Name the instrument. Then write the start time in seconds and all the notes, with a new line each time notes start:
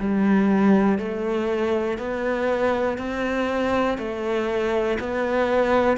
cello
0.00 G3
0.99 A3
1.98 B3
2.98 C4
3.98 A3
5.00 B3